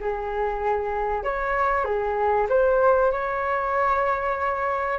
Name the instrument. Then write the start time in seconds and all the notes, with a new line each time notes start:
flute
0.00 G#4
1.24 C#5
1.85 G#4
2.49 C5
3.12 C#5